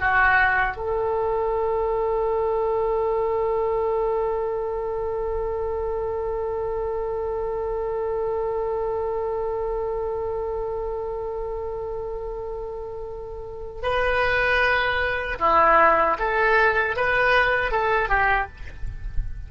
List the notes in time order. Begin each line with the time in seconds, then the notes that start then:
0.00 F#4
0.77 A4
13.83 B4
15.39 E4
16.19 A4
16.96 B4
17.71 A4
18.09 G4